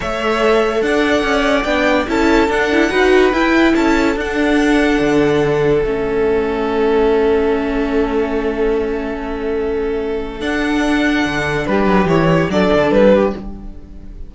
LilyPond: <<
  \new Staff \with { instrumentName = "violin" } { \time 4/4 \tempo 4 = 144 e''2 fis''2 | g''4 a''4 fis''2 | g''4 a''4 fis''2~ | fis''2 e''2~ |
e''1~ | e''1~ | e''4 fis''2. | b'4 cis''4 d''4 b'4 | }
  \new Staff \with { instrumentName = "violin" } { \time 4/4 cis''2 d''2~ | d''4 a'2 b'4~ | b'4 a'2.~ | a'1~ |
a'1~ | a'1~ | a'1 | g'2 a'4. g'8 | }
  \new Staff \with { instrumentName = "viola" } { \time 4/4 a'1 | d'4 e'4 d'8 e'8 fis'4 | e'2 d'2~ | d'2 cis'2~ |
cis'1~ | cis'1~ | cis'4 d'2.~ | d'4 e'4 d'2 | }
  \new Staff \with { instrumentName = "cello" } { \time 4/4 a2 d'4 cis'4 | b4 cis'4 d'4 dis'4 | e'4 cis'4 d'2 | d2 a2~ |
a1~ | a1~ | a4 d'2 d4 | g8 fis8 e4 fis8 d8 g4 | }
>>